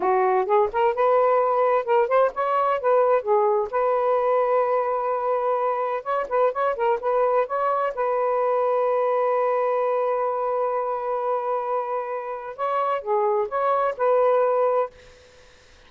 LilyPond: \new Staff \with { instrumentName = "saxophone" } { \time 4/4 \tempo 4 = 129 fis'4 gis'8 ais'8 b'2 | ais'8 c''8 cis''4 b'4 gis'4 | b'1~ | b'4 cis''8 b'8 cis''8 ais'8 b'4 |
cis''4 b'2.~ | b'1~ | b'2. cis''4 | gis'4 cis''4 b'2 | }